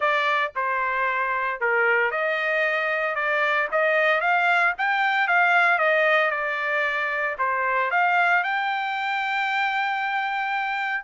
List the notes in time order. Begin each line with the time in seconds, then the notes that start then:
0.00 D5
0.55 C5
1.60 A#4
2.11 D#5
3.15 D5
3.71 D#5
4.20 F5
4.78 G5
5.27 F5
5.78 D#5
6.30 D5
7.38 C5
7.91 F5
8.43 G5